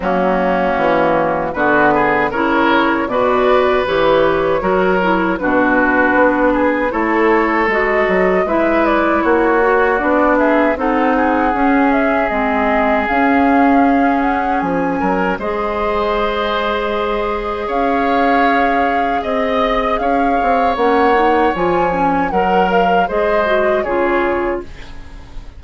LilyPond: <<
  \new Staff \with { instrumentName = "flute" } { \time 4/4 \tempo 4 = 78 fis'2 b'4 cis''4 | d''4 cis''2 b'4~ | b'4 cis''4 dis''4 e''8 d''8 | cis''4 d''8 e''8 fis''4. e''8 |
dis''4 f''4. fis''8 gis''4 | dis''2. f''4~ | f''4 dis''4 f''4 fis''4 | gis''4 fis''8 f''8 dis''4 cis''4 | }
  \new Staff \with { instrumentName = "oboe" } { \time 4/4 cis'2 fis'8 gis'8 ais'4 | b'2 ais'4 fis'4~ | fis'8 gis'8 a'2 b'4 | fis'4. gis'8 a'8 gis'4.~ |
gis'2.~ gis'8 ais'8 | c''2. cis''4~ | cis''4 dis''4 cis''2~ | cis''4 ais'4 c''4 gis'4 | }
  \new Staff \with { instrumentName = "clarinet" } { \time 4/4 ais2 b4 e'4 | fis'4 g'4 fis'8 e'8 d'4~ | d'4 e'4 fis'4 e'4~ | e'8 fis'8 d'4 dis'4 cis'4 |
c'4 cis'2. | gis'1~ | gis'2. cis'8 dis'8 | f'8 cis'8 ais'4 gis'8 fis'8 f'4 | }
  \new Staff \with { instrumentName = "bassoon" } { \time 4/4 fis4 e4 d4 cis4 | b,4 e4 fis4 b,4 | b4 a4 gis8 fis8 gis4 | ais4 b4 c'4 cis'4 |
gis4 cis'2 f8 fis8 | gis2. cis'4~ | cis'4 c'4 cis'8 c'8 ais4 | f4 fis4 gis4 cis4 | }
>>